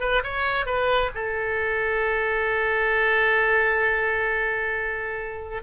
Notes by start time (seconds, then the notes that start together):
0.00 B4
0.23 C#5
0.66 B4
1.15 A4